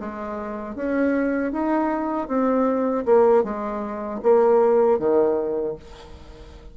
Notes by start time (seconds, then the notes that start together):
0.00 G#3
0.76 C#4
1.52 D#4
2.28 C4
3.06 A#3
3.44 G#3
4.23 A#3
4.99 D#3